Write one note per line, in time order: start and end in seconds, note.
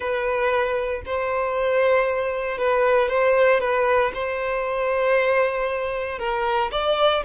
0.00 1.02 B4
1.05 2.58 C5
2.58 3.08 B4
3.08 3.60 C5
3.60 4.11 B4
4.14 6.19 C5
6.19 6.70 A#4
6.71 7.23 D5